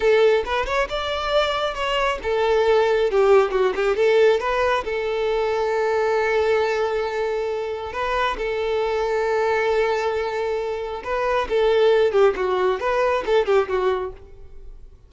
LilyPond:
\new Staff \with { instrumentName = "violin" } { \time 4/4 \tempo 4 = 136 a'4 b'8 cis''8 d''2 | cis''4 a'2 g'4 | fis'8 g'8 a'4 b'4 a'4~ | a'1~ |
a'2 b'4 a'4~ | a'1~ | a'4 b'4 a'4. g'8 | fis'4 b'4 a'8 g'8 fis'4 | }